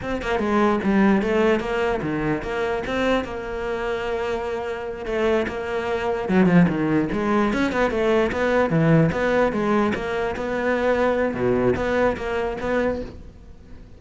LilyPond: \new Staff \with { instrumentName = "cello" } { \time 4/4 \tempo 4 = 148 c'8 ais8 gis4 g4 a4 | ais4 dis4 ais4 c'4 | ais1~ | ais8 a4 ais2 fis8 |
f8 dis4 gis4 cis'8 b8 a8~ | a8 b4 e4 b4 gis8~ | gis8 ais4 b2~ b8 | b,4 b4 ais4 b4 | }